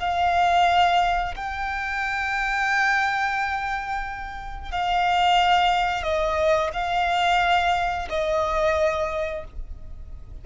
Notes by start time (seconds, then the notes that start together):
0.00 F5
1.36 G5
4.72 F5
6.03 D#5
6.73 F5
8.10 D#5